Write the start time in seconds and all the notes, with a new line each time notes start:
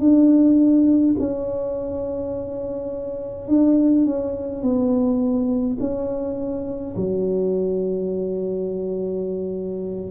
0.00 D4
1.19 C#4
3.48 D4
4.05 C#4
4.63 B3
5.80 C#4
6.97 F#3